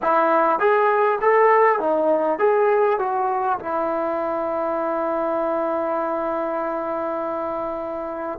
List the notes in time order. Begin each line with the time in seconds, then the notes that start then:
0.02 E4
0.59 G#4
1.21 A4
1.79 D#4
2.38 G#4
2.98 F#4
3.59 E4